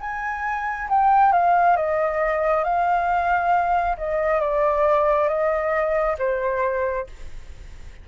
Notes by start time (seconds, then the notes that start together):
0.00 G#5
0.89 G5
1.32 F5
1.76 D#5
2.64 F5
3.97 D#5
4.40 D5
5.28 D#5
6.18 C5